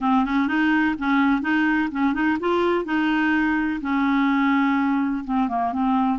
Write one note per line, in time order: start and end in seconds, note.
0.00 0.24 C4
0.24 0.47 C#4
0.47 0.95 D#4
0.98 1.41 C#4
1.41 1.89 D#4
1.91 2.13 C#4
2.13 2.37 D#4
2.39 2.84 F4
2.84 3.80 D#4
3.81 5.24 C#4
5.24 5.48 C4
5.48 5.72 A#3
5.72 6.19 C4